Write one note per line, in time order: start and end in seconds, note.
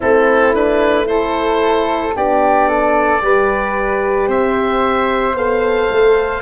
0.00 2.15 A3
0.00 0.54 C4
0.00 1.05 E4
0.00 0.54 A4
0.54 1.05 D4
0.54 1.07 B4
1.05 2.12 E4
1.05 2.15 A4
1.05 2.14 C5
2.15 3.21 B3
2.15 3.20 D4
2.15 2.67 G4
2.15 4.30 D5
2.67 3.21 A4
3.20 4.27 G3
3.20 5.34 G4
3.20 4.27 B4
4.27 5.33 C4
4.27 6.41 C5
4.27 5.36 E5
5.33 5.87 B3
5.33 6.41 A4
5.33 6.41 F5
5.89 6.41 A3